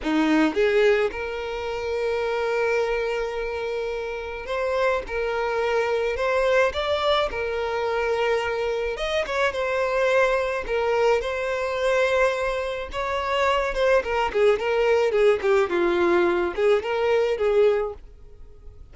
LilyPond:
\new Staff \with { instrumentName = "violin" } { \time 4/4 \tempo 4 = 107 dis'4 gis'4 ais'2~ | ais'1 | c''4 ais'2 c''4 | d''4 ais'2. |
dis''8 cis''8 c''2 ais'4 | c''2. cis''4~ | cis''8 c''8 ais'8 gis'8 ais'4 gis'8 g'8 | f'4. gis'8 ais'4 gis'4 | }